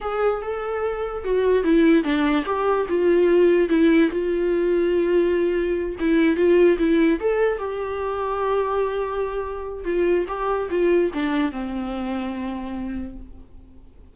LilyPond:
\new Staff \with { instrumentName = "viola" } { \time 4/4 \tempo 4 = 146 gis'4 a'2 fis'4 | e'4 d'4 g'4 f'4~ | f'4 e'4 f'2~ | f'2~ f'8 e'4 f'8~ |
f'8 e'4 a'4 g'4.~ | g'1 | f'4 g'4 f'4 d'4 | c'1 | }